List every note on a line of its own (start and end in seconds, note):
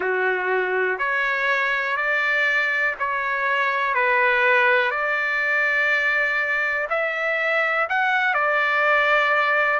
0.00 0.98 F#4
0.98 1.97 C#5
1.97 2.95 D5
2.99 3.94 C#5
3.94 4.90 B4
4.90 6.87 D5
6.89 7.88 E5
7.89 8.33 F#5
8.33 9.79 D5